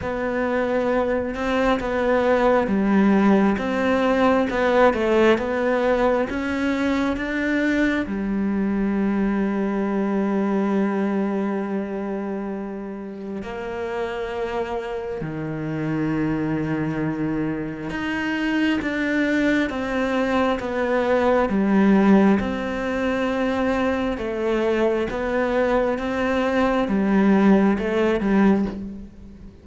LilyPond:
\new Staff \with { instrumentName = "cello" } { \time 4/4 \tempo 4 = 67 b4. c'8 b4 g4 | c'4 b8 a8 b4 cis'4 | d'4 g2.~ | g2. ais4~ |
ais4 dis2. | dis'4 d'4 c'4 b4 | g4 c'2 a4 | b4 c'4 g4 a8 g8 | }